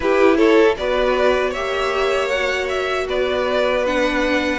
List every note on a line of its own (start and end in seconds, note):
0.00 0.76 E4
0.00 0.77 E4
0.00 0.37 G4
0.00 0.37 B4
0.37 0.75 A4
0.37 0.75 C#5
0.77 1.55 B3
0.77 1.54 F#4
0.77 1.50 B4
0.77 1.53 D5
1.50 3.08 A#3
1.50 2.32 G4
1.50 3.04 C#5
1.50 2.29 E5
2.29 3.86 F#4
2.29 2.67 F#5
2.68 3.07 E5
3.08 4.58 B3
3.08 4.58 B4
3.08 3.86 D5
3.86 4.58 D4
3.86 4.58 F#5